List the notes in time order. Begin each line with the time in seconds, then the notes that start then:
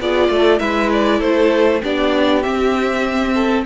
0.00 B3 F4 G#4 D5
0.29 A3 A4
0.58 G#3 E4 B4 E5
0.92 D5
1.19 A3 A4 C5
1.83 B3 D4 G4 D5
2.42 C4 E5
3.34 A4